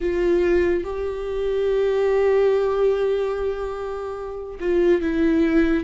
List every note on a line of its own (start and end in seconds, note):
0.00 0.83 F4
0.83 4.58 G4
4.60 5.01 F4
5.01 5.83 E4